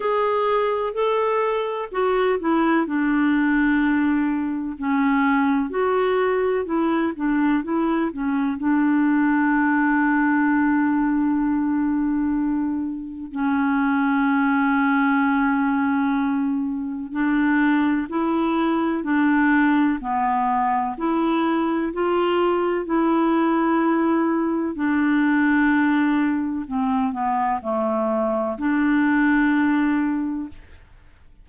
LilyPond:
\new Staff \with { instrumentName = "clarinet" } { \time 4/4 \tempo 4 = 63 gis'4 a'4 fis'8 e'8 d'4~ | d'4 cis'4 fis'4 e'8 d'8 | e'8 cis'8 d'2.~ | d'2 cis'2~ |
cis'2 d'4 e'4 | d'4 b4 e'4 f'4 | e'2 d'2 | c'8 b8 a4 d'2 | }